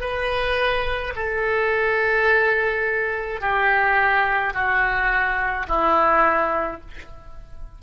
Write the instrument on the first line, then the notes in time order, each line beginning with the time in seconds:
oboe
0.00 B4
1.15 A4
3.41 G4
4.53 F#4
5.68 E4